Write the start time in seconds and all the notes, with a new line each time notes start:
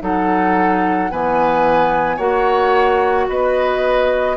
0.00 F#3 D#4 A4 F#5
1.11 E3 B3 B4 G#5
2.17 A#3 F#4 C#5 F#5
3.28 B3 B4 D#5